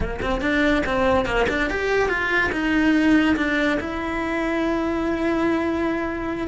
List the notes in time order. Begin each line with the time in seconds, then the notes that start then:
0.00 A#3
0.21 C4
0.41 D4
0.85 C4
1.25 A#3
1.48 D4
1.70 G4
2.08 F4
2.52 D#4
3.36 D4
3.80 E4